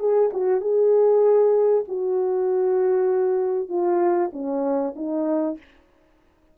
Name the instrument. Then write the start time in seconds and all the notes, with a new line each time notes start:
horn
0.00 G#4
0.34 F#4
0.61 G#4
1.88 F#4
3.69 F4
4.33 C#4
4.96 D#4